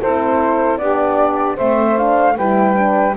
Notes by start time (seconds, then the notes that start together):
0.00 C4 E4 A4 C5
0.77 B3 D4 G4 D5
1.55 A3 C4 C5 E5
1.96 D4 F5
2.37 G3 E4 B4 G5
2.74 D4